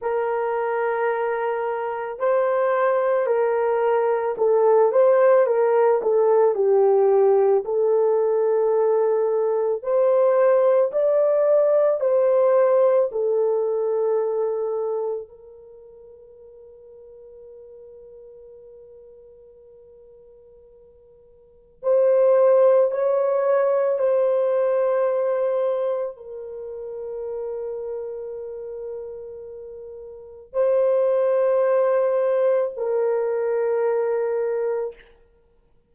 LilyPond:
\new Staff \with { instrumentName = "horn" } { \time 4/4 \tempo 4 = 55 ais'2 c''4 ais'4 | a'8 c''8 ais'8 a'8 g'4 a'4~ | a'4 c''4 d''4 c''4 | a'2 ais'2~ |
ais'1 | c''4 cis''4 c''2 | ais'1 | c''2 ais'2 | }